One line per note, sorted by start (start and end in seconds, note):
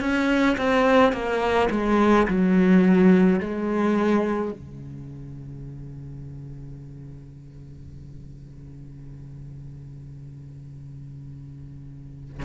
0.00 0.57 C#4
0.57 1.12 C4
1.12 1.69 A#3
1.70 2.27 G#3
2.27 3.40 F#3
3.40 4.52 G#3
4.52 12.44 C#3